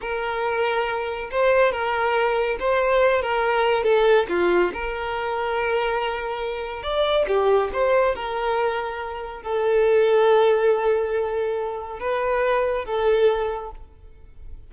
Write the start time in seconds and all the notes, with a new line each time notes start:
0.01 A#4
1.31 C5
1.72 A#4
2.59 C5
3.22 A#4
3.83 A4
4.28 F4
4.73 A#4
6.82 D5
7.27 G4
7.72 C5
8.15 A#4
9.42 A4
11.99 B4
12.85 A4